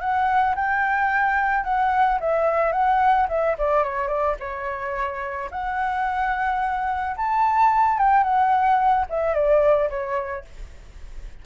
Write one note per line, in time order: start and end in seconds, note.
0.00 0.55 F#5
0.55 1.64 G5
1.64 2.19 F#5
2.20 2.72 E5
2.72 3.27 F#5
3.28 3.56 E5
3.58 3.83 D5
3.83 4.08 C#5
4.08 4.35 D5
4.40 5.50 C#5
5.51 7.16 F#5
7.16 7.98 A5
7.98 8.23 G5
8.23 9.06 F#5
9.09 9.34 E5
9.34 9.89 D5
9.90 10.45 C#5